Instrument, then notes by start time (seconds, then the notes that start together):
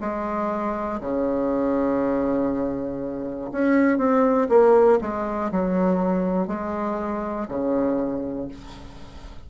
bassoon
0.00 G#3
1.00 C#3
3.52 C#4
3.98 C4
4.49 A#3
5.01 G#3
5.51 F#3
6.47 G#3
7.48 C#3